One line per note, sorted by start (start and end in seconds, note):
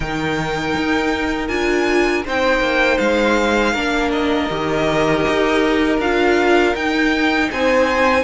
0.00 0.74 D#3
0.00 1.49 D#4
0.00 2.25 A#4
0.00 1.48 G5
0.76 1.48 D#4
1.48 2.23 D4
1.48 2.24 F4
1.48 2.23 G#5
2.25 2.60 C4
2.25 3.75 D#4
2.25 3.73 C5
2.25 2.98 G5
2.60 2.97 A#3
2.98 3.74 G#3
2.98 4.10 F5
3.73 4.49 A#3
3.73 4.50 D4
3.73 7.48 A#4
4.12 5.99 D#5
4.50 5.25 D#3
4.50 6.00 G4
5.28 5.98 D#4
5.98 6.73 D4
5.98 6.74 F4
5.98 6.75 F5
6.74 8.23 D#4
6.74 7.50 D#4
6.74 7.50 G5
7.50 8.23 C4
7.50 8.23 C5
7.50 8.23 G#5